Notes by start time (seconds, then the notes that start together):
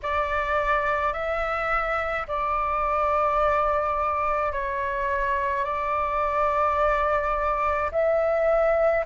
0.02 D5
1.13 E5
2.27 D5
4.52 C#5
5.64 D5
7.91 E5